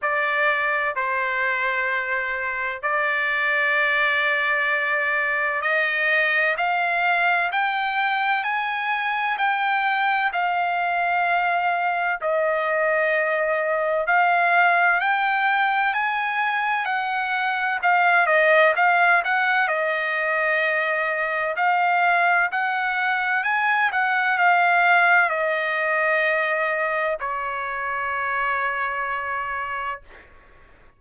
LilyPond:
\new Staff \with { instrumentName = "trumpet" } { \time 4/4 \tempo 4 = 64 d''4 c''2 d''4~ | d''2 dis''4 f''4 | g''4 gis''4 g''4 f''4~ | f''4 dis''2 f''4 |
g''4 gis''4 fis''4 f''8 dis''8 | f''8 fis''8 dis''2 f''4 | fis''4 gis''8 fis''8 f''4 dis''4~ | dis''4 cis''2. | }